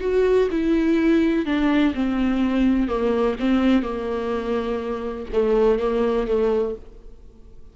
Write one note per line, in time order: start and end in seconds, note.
0.00 0.48 F#4
0.51 1.45 E4
1.45 1.93 D4
1.94 2.87 C4
2.87 3.35 A#3
3.39 3.82 C4
3.82 5.26 A#3
5.32 5.79 A3
5.79 6.27 A#3
6.27 6.75 A3